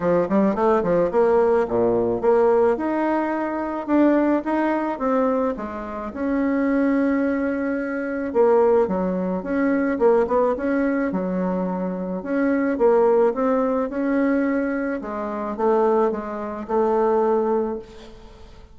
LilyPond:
\new Staff \with { instrumentName = "bassoon" } { \time 4/4 \tempo 4 = 108 f8 g8 a8 f8 ais4 ais,4 | ais4 dis'2 d'4 | dis'4 c'4 gis4 cis'4~ | cis'2. ais4 |
fis4 cis'4 ais8 b8 cis'4 | fis2 cis'4 ais4 | c'4 cis'2 gis4 | a4 gis4 a2 | }